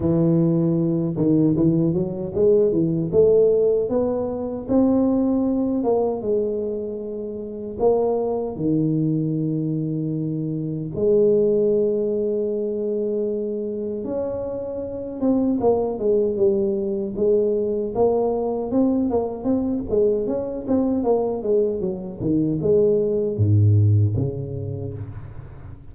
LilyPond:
\new Staff \with { instrumentName = "tuba" } { \time 4/4 \tempo 4 = 77 e4. dis8 e8 fis8 gis8 e8 | a4 b4 c'4. ais8 | gis2 ais4 dis4~ | dis2 gis2~ |
gis2 cis'4. c'8 | ais8 gis8 g4 gis4 ais4 | c'8 ais8 c'8 gis8 cis'8 c'8 ais8 gis8 | fis8 dis8 gis4 gis,4 cis4 | }